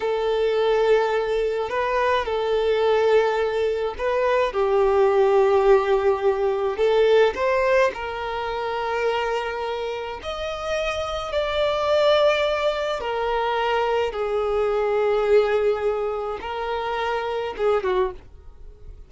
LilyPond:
\new Staff \with { instrumentName = "violin" } { \time 4/4 \tempo 4 = 106 a'2. b'4 | a'2. b'4 | g'1 | a'4 c''4 ais'2~ |
ais'2 dis''2 | d''2. ais'4~ | ais'4 gis'2.~ | gis'4 ais'2 gis'8 fis'8 | }